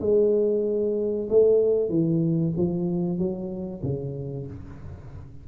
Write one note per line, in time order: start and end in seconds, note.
0.00 1.28 G#3
1.29 1.89 A3
1.89 2.53 E3
2.57 3.18 F3
3.18 3.82 F#3
3.82 4.46 C#3